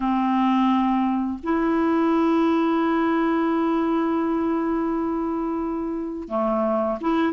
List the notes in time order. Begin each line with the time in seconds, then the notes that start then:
0.00 C4
1.43 E4
6.28 A3
7.00 E4